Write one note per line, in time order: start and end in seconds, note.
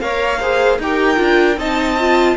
0.00 0.79 A#3
0.00 0.40 A#4
0.00 0.40 C#5
0.00 0.78 F5
0.40 0.81 G#4
0.40 0.79 C5
0.79 1.18 D#4
0.79 1.16 G4
0.79 1.58 A#4
0.79 1.59 G5
1.16 1.57 D4
1.16 1.55 F4
1.57 2.35 C4
1.57 1.97 D#4
1.57 2.36 D#5
1.57 2.37 A5
2.00 2.37 F4